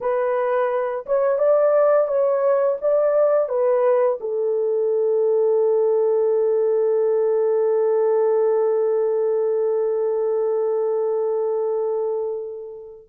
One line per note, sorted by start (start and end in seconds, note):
0.01 1.05 B4
1.06 1.38 C#5
1.38 2.07 D5
2.07 2.77 C#5
2.81 3.49 D5
3.49 4.18 B4
4.20 13.08 A4